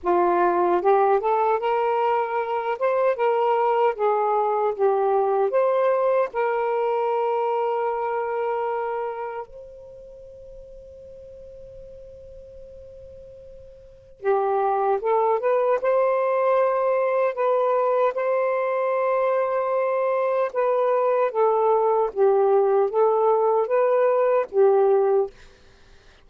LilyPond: \new Staff \with { instrumentName = "saxophone" } { \time 4/4 \tempo 4 = 76 f'4 g'8 a'8 ais'4. c''8 | ais'4 gis'4 g'4 c''4 | ais'1 | c''1~ |
c''2 g'4 a'8 b'8 | c''2 b'4 c''4~ | c''2 b'4 a'4 | g'4 a'4 b'4 g'4 | }